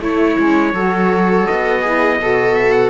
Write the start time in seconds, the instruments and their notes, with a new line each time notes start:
0.00 cello A3, saxophone A3, viola E4, trumpet C#5
0.38 cello G#3, saxophone C#4
0.73 cello F#3, saxophone F#4, viola A4
1.47 cello B3, trumpet D#5
1.81 saxophone E4, viola G#4
2.19 cello B2, saxophone F#4, viola A4
2.55 trumpet E5
2.72 trumpet F#5